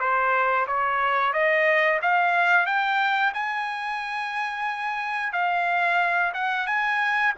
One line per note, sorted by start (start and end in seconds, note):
0.00 0.67 C5
0.67 1.33 C#5
1.33 2.00 D#5
2.02 2.66 F5
2.66 3.33 G5
3.34 5.33 G#5
5.33 6.33 F5
6.35 6.67 F#5
6.67 7.34 G#5